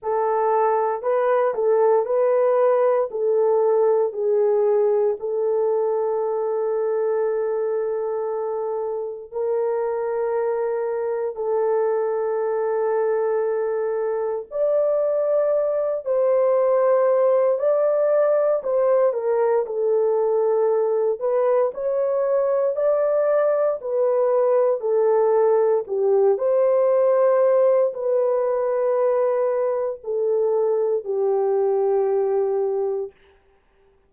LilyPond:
\new Staff \with { instrumentName = "horn" } { \time 4/4 \tempo 4 = 58 a'4 b'8 a'8 b'4 a'4 | gis'4 a'2.~ | a'4 ais'2 a'4~ | a'2 d''4. c''8~ |
c''4 d''4 c''8 ais'8 a'4~ | a'8 b'8 cis''4 d''4 b'4 | a'4 g'8 c''4. b'4~ | b'4 a'4 g'2 | }